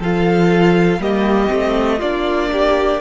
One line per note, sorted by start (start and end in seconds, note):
0.00 0.99 F3
0.00 1.01 F4
0.00 1.00 A4
0.00 1.02 F5
0.99 1.49 G3
0.99 1.48 A#3
0.99 1.99 G4
0.99 2.01 D#5
1.48 2.02 A3
1.48 1.98 C4
1.99 3.01 A#3
1.99 3.01 D4
1.99 2.49 F4
1.99 3.01 D5
2.52 3.01 G4